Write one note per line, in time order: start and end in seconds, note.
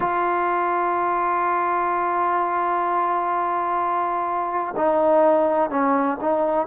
0.00 4.74 F4
4.76 5.69 D#4
5.69 6.17 C#4
6.20 6.66 D#4